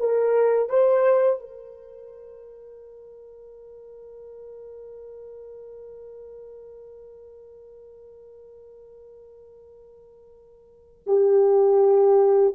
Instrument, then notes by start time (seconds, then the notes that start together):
horn
0.00 A#4
0.69 C5
1.40 A#4
11.07 G4